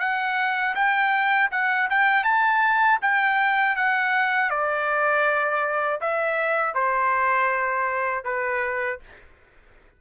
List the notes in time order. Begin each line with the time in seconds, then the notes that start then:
0.00 F#5
0.75 G5
1.52 F#5
1.90 G5
2.24 A5
3.02 G5
3.76 F#5
4.50 D5
6.01 E5
6.75 C5
8.25 B4